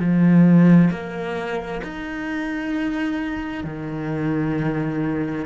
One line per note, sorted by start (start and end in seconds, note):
0.00 0.90 F3
0.90 1.81 A#3
1.83 3.64 D#4
3.64 5.45 D#3